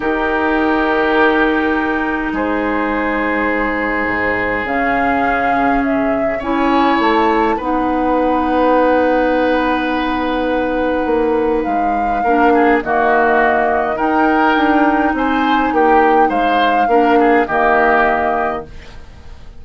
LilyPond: <<
  \new Staff \with { instrumentName = "flute" } { \time 4/4 \tempo 4 = 103 ais'1 | c''1 | f''2 e''4 gis''4 | a''4 fis''2.~ |
fis''1 | f''2 dis''2 | g''2 gis''4 g''4 | f''2 dis''2 | }
  \new Staff \with { instrumentName = "oboe" } { \time 4/4 g'1 | gis'1~ | gis'2. cis''4~ | cis''4 b'2.~ |
b'1~ | b'4 ais'8 gis'8 fis'2 | ais'2 c''4 g'4 | c''4 ais'8 gis'8 g'2 | }
  \new Staff \with { instrumentName = "clarinet" } { \time 4/4 dis'1~ | dis'1 | cis'2. e'4~ | e'4 dis'2.~ |
dis'1~ | dis'4 d'4 ais2 | dis'1~ | dis'4 d'4 ais2 | }
  \new Staff \with { instrumentName = "bassoon" } { \time 4/4 dis1 | gis2. gis,4 | cis2. cis'4 | a4 b2.~ |
b2. ais4 | gis4 ais4 dis2 | dis'4 d'4 c'4 ais4 | gis4 ais4 dis2 | }
>>